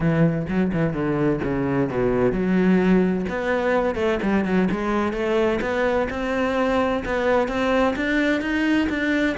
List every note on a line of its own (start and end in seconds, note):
0.00 0.46 E3
0.48 0.71 F#3
0.72 0.93 E3
0.93 1.40 D3
1.43 1.89 C#3
1.89 2.32 B2
2.32 3.25 F#3
3.29 3.95 B3
3.95 4.18 A3
4.22 4.44 G3
4.44 4.68 F#3
4.71 5.12 G#3
5.12 5.59 A3
5.61 6.07 B3
6.09 7.03 C4
7.05 7.48 B3
7.48 7.95 C4
7.96 8.41 D4
8.41 8.88 D#4
8.89 9.36 D4